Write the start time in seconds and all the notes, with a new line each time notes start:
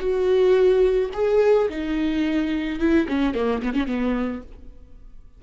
0.00 F#4
1.14 G#4
1.69 D#4
2.79 E4
3.08 C#4
3.35 A#3
3.62 B3
3.74 C#4
3.87 B3